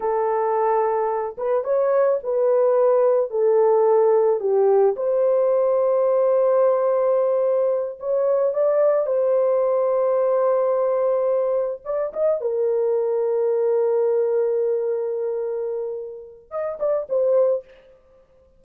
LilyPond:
\new Staff \with { instrumentName = "horn" } { \time 4/4 \tempo 4 = 109 a'2~ a'8 b'8 cis''4 | b'2 a'2 | g'4 c''2.~ | c''2~ c''8 cis''4 d''8~ |
d''8 c''2.~ c''8~ | c''4. d''8 dis''8 ais'4.~ | ais'1~ | ais'2 dis''8 d''8 c''4 | }